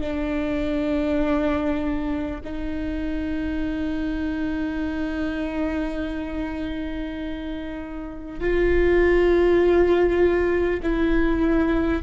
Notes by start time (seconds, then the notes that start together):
0.00 D4
2.44 D#4
8.40 F4
10.82 E4